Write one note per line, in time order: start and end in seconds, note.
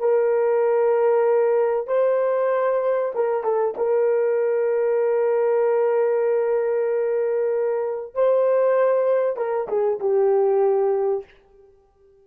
0.00 1.88 A#4
1.88 3.12 C5
3.15 3.44 A#4
3.44 3.75 A4
3.78 8.15 A#4
8.15 9.37 C5
9.37 9.68 A#4
9.68 9.99 G#4
10.00 11.25 G4